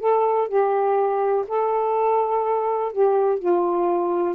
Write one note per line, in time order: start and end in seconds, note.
0.00 0.48 A4
0.48 1.45 G4
1.48 2.93 A4
2.93 3.39 G4
3.39 4.35 F4